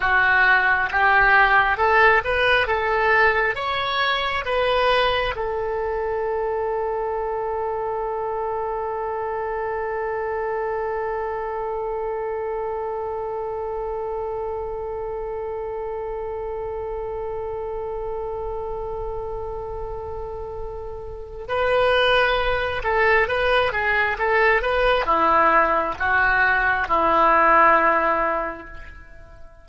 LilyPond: \new Staff \with { instrumentName = "oboe" } { \time 4/4 \tempo 4 = 67 fis'4 g'4 a'8 b'8 a'4 | cis''4 b'4 a'2~ | a'1~ | a'1~ |
a'1~ | a'1 | b'4. a'8 b'8 gis'8 a'8 b'8 | e'4 fis'4 e'2 | }